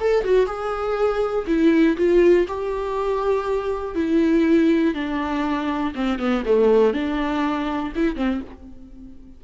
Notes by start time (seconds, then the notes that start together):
0.00 A4
0.24 F#4
0.46 G#4
1.47 E4
1.97 F4
2.47 G4
3.95 E4
4.94 D4
5.95 C4
6.19 B3
6.45 A3
6.93 D4
7.95 E4
8.15 C4